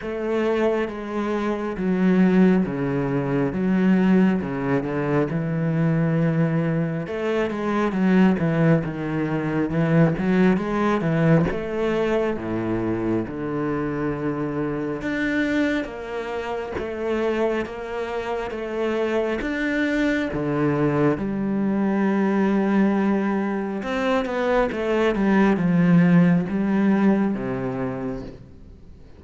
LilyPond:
\new Staff \with { instrumentName = "cello" } { \time 4/4 \tempo 4 = 68 a4 gis4 fis4 cis4 | fis4 cis8 d8 e2 | a8 gis8 fis8 e8 dis4 e8 fis8 | gis8 e8 a4 a,4 d4~ |
d4 d'4 ais4 a4 | ais4 a4 d'4 d4 | g2. c'8 b8 | a8 g8 f4 g4 c4 | }